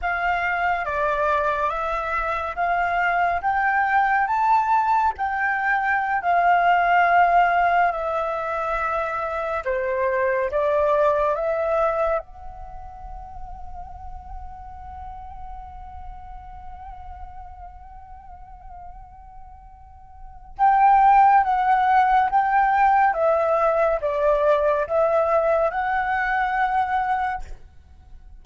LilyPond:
\new Staff \with { instrumentName = "flute" } { \time 4/4 \tempo 4 = 70 f''4 d''4 e''4 f''4 | g''4 a''4 g''4~ g''16 f''8.~ | f''4~ f''16 e''2 c''8.~ | c''16 d''4 e''4 fis''4.~ fis''16~ |
fis''1~ | fis''1 | g''4 fis''4 g''4 e''4 | d''4 e''4 fis''2 | }